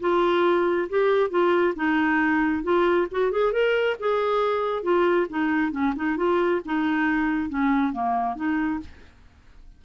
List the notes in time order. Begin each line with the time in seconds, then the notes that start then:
0.00 F4
0.89 G4
1.30 F4
1.75 D#4
2.63 F4
3.11 F#4
3.32 G#4
3.53 A#4
3.99 G#4
4.83 F4
5.29 D#4
5.72 C#4
5.96 D#4
6.17 F4
6.65 D#4
7.49 C#4
7.93 A#3
8.36 D#4